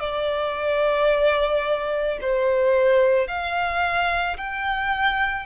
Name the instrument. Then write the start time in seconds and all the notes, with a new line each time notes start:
violin
0.00 D5
2.21 C5
3.28 F5
4.37 G5